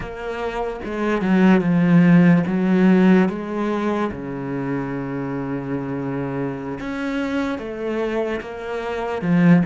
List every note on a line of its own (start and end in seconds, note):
0.00 0.80 A#3
0.84 1.21 G#3
1.21 1.60 F#3
1.60 2.42 F3
2.46 3.28 F#3
3.28 4.11 G#3
4.11 6.78 C#3
6.80 7.58 C#4
7.58 8.40 A3
8.41 9.21 A#3
9.21 9.62 F3